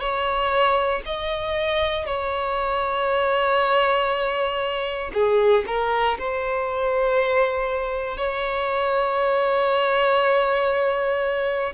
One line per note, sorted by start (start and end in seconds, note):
0.00 1.02 C#5
1.05 2.06 D#5
2.06 5.11 C#5
5.13 5.64 G#4
5.66 6.17 A#4
6.18 8.17 C5
8.17 11.73 C#5